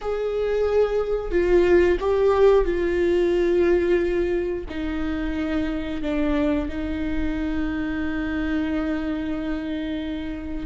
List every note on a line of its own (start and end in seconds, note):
0.01 1.31 G#4
1.31 1.98 F4
2.00 2.64 G4
2.64 4.64 F4
4.69 6.02 D#4
6.02 6.68 D4
6.68 10.66 D#4